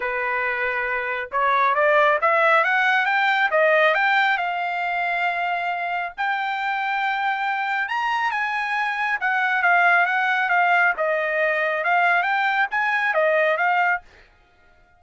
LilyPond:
\new Staff \with { instrumentName = "trumpet" } { \time 4/4 \tempo 4 = 137 b'2. cis''4 | d''4 e''4 fis''4 g''4 | dis''4 g''4 f''2~ | f''2 g''2~ |
g''2 ais''4 gis''4~ | gis''4 fis''4 f''4 fis''4 | f''4 dis''2 f''4 | g''4 gis''4 dis''4 f''4 | }